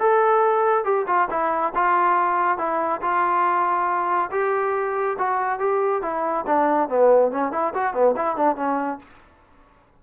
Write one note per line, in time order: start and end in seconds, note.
0.00 0.85 A4
0.85 1.06 G4
1.07 1.29 F4
1.31 1.73 E4
1.75 2.58 F4
2.58 3.01 E4
3.02 4.30 F4
4.31 5.17 G4
5.19 5.59 F#4
5.59 6.02 G4
6.03 6.45 E4
6.47 6.89 D4
6.89 7.32 B3
7.32 7.52 C#4
7.52 7.74 E4
7.74 7.94 F#4
7.94 8.15 B3
8.17 8.36 E4
8.36 8.56 D4
8.56 8.99 C#4